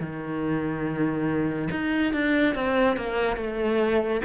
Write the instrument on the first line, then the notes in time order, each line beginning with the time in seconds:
cello
0.00 D#3
1.71 D#4
2.13 D4
2.55 C4
2.97 A#3
3.36 A3